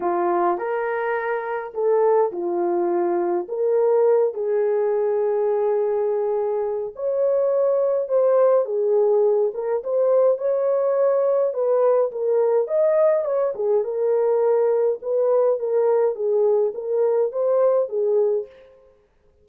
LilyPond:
\new Staff \with { instrumentName = "horn" } { \time 4/4 \tempo 4 = 104 f'4 ais'2 a'4 | f'2 ais'4. gis'8~ | gis'1 | cis''2 c''4 gis'4~ |
gis'8 ais'8 c''4 cis''2 | b'4 ais'4 dis''4 cis''8 gis'8 | ais'2 b'4 ais'4 | gis'4 ais'4 c''4 gis'4 | }